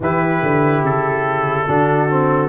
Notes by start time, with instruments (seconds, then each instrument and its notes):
0.00 tuba E3, trombone E4, horn G4, trumpet B4
0.42 tuba D3
0.82 tuba C#3, trumpet A4
1.67 tuba D3, trombone D4, horn F#4
2.09 trombone C4